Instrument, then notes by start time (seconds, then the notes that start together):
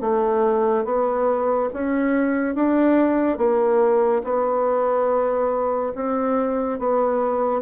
bassoon
0.00 A3
0.84 B3
1.73 C#4
2.55 D4
3.37 A#3
4.24 B3
5.95 C4
6.78 B3